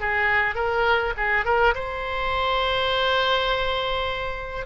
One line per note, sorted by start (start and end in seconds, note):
0.00 0.55 G#4
0.55 1.13 A#4
1.17 1.45 G#4
1.45 1.74 A#4
1.74 4.65 C5